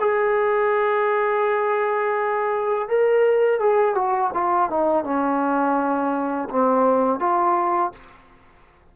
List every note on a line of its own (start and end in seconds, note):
0.00 2.88 G#4
2.88 3.59 A#4
3.59 3.95 G#4
3.95 4.31 F#4
4.34 4.70 F4
4.70 5.04 D#4
5.04 6.49 C#4
6.49 7.20 C4
7.20 7.92 F4